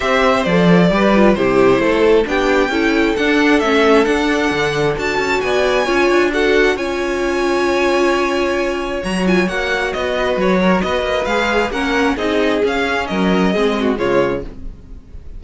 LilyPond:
<<
  \new Staff \with { instrumentName = "violin" } { \time 4/4 \tempo 4 = 133 e''4 d''2 c''4~ | c''4 g''2 fis''4 | e''4 fis''2 a''4 | gis''2 fis''4 gis''4~ |
gis''1 | ais''8 gis''8 fis''4 dis''4 cis''4 | dis''4 f''4 fis''4 dis''4 | f''4 dis''2 cis''4 | }
  \new Staff \with { instrumentName = "violin" } { \time 4/4 c''2 b'4 g'4 | a'4 g'4 a'2~ | a'1 | d''4 cis''4 a'4 cis''4~ |
cis''1~ | cis''2~ cis''8 b'4 ais'8 | b'2 ais'4 gis'4~ | gis'4 ais'4 gis'8 fis'8 f'4 | }
  \new Staff \with { instrumentName = "viola" } { \time 4/4 g'4 a'4 g'8 f'8 e'4~ | e'4 d'4 e'4 d'4 | cis'4 d'2 fis'4~ | fis'4 f'4 fis'4 f'4~ |
f'1 | fis'8 f'8 fis'2.~ | fis'4 gis'4 cis'4 dis'4 | cis'2 c'4 gis4 | }
  \new Staff \with { instrumentName = "cello" } { \time 4/4 c'4 f4 g4 c4 | a4 b4 cis'4 d'4 | a4 d'4 d4 d'8 cis'8 | b4 cis'8 d'4. cis'4~ |
cis'1 | fis4 ais4 b4 fis4 | b8 ais8 gis4 ais4 c'4 | cis'4 fis4 gis4 cis4 | }
>>